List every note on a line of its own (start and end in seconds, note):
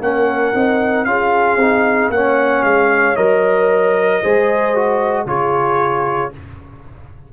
0.00 0.53 A#3
0.00 0.54 C#4
0.00 1.08 A#4
0.00 1.05 F#5
0.54 1.05 C4
0.54 1.06 D#4
1.05 1.56 C#4
1.05 1.59 F4
1.05 2.13 G#4
1.05 2.10 F5
1.56 2.09 C4
1.56 2.13 D#4
2.09 2.62 A#3
2.09 3.16 C#4
2.09 4.21 C#5
2.09 2.63 F#5
2.62 3.15 G#3
2.62 3.16 F5
3.16 4.22 F#3
3.16 4.21 A#4
3.16 5.26 D#5
4.21 5.25 G#3
4.21 4.75 G#4
4.21 5.26 C5
4.75 5.26 F#4
5.25 6.30 C#3
5.25 6.31 F4
5.25 6.31 G#4
5.25 6.32 C#5